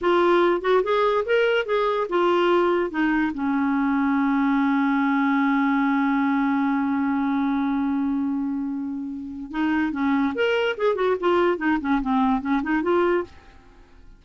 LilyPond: \new Staff \with { instrumentName = "clarinet" } { \time 4/4 \tempo 4 = 145 f'4. fis'8 gis'4 ais'4 | gis'4 f'2 dis'4 | cis'1~ | cis'1~ |
cis'1~ | cis'2. dis'4 | cis'4 ais'4 gis'8 fis'8 f'4 | dis'8 cis'8 c'4 cis'8 dis'8 f'4 | }